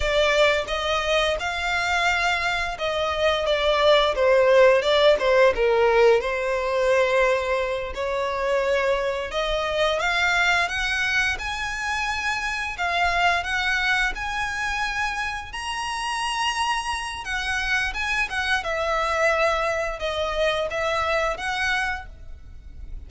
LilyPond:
\new Staff \with { instrumentName = "violin" } { \time 4/4 \tempo 4 = 87 d''4 dis''4 f''2 | dis''4 d''4 c''4 d''8 c''8 | ais'4 c''2~ c''8 cis''8~ | cis''4. dis''4 f''4 fis''8~ |
fis''8 gis''2 f''4 fis''8~ | fis''8 gis''2 ais''4.~ | ais''4 fis''4 gis''8 fis''8 e''4~ | e''4 dis''4 e''4 fis''4 | }